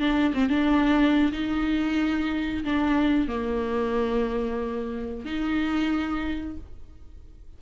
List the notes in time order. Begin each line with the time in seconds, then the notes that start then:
0.00 D4
0.34 C4
0.49 D4
1.32 D#4
2.64 D4
3.28 A#3
5.25 D#4